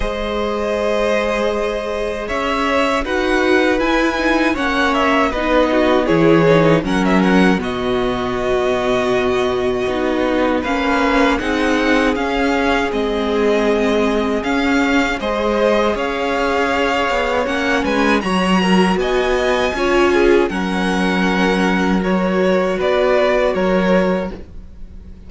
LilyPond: <<
  \new Staff \with { instrumentName = "violin" } { \time 4/4 \tempo 4 = 79 dis''2. e''4 | fis''4 gis''4 fis''8 e''8 dis''4 | cis''4 fis''16 e''16 fis''8 dis''2~ | dis''2 f''4 fis''4 |
f''4 dis''2 f''4 | dis''4 f''2 fis''8 gis''8 | ais''4 gis''2 fis''4~ | fis''4 cis''4 d''4 cis''4 | }
  \new Staff \with { instrumentName = "violin" } { \time 4/4 c''2. cis''4 | b'2 cis''4 b'8 fis'8 | gis'4 ais'4 fis'2~ | fis'2 b'4 gis'4~ |
gis'1 | c''4 cis''2~ cis''8 b'8 | cis''8 ais'8 dis''4 cis''8 gis'8 ais'4~ | ais'2 b'4 ais'4 | }
  \new Staff \with { instrumentName = "viola" } { \time 4/4 gis'1 | fis'4 e'8 dis'8 cis'4 dis'4 | e'8 dis'8 cis'4 b2~ | b4 dis'4 cis'4 dis'4 |
cis'4 c'2 cis'4 | gis'2. cis'4 | fis'2 f'4 cis'4~ | cis'4 fis'2. | }
  \new Staff \with { instrumentName = "cello" } { \time 4/4 gis2. cis'4 | dis'4 e'4 ais4 b4 | e4 fis4 b,2~ | b,4 b4 ais4 c'4 |
cis'4 gis2 cis'4 | gis4 cis'4. b8 ais8 gis8 | fis4 b4 cis'4 fis4~ | fis2 b4 fis4 | }
>>